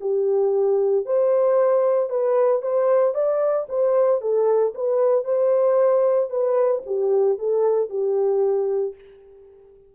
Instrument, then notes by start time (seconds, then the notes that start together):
horn
0.00 G4
1.06 C5
2.09 B4
2.62 C5
3.14 D5
3.69 C5
4.21 A4
4.74 B4
5.24 C5
6.30 B4
6.86 G4
7.38 A4
7.89 G4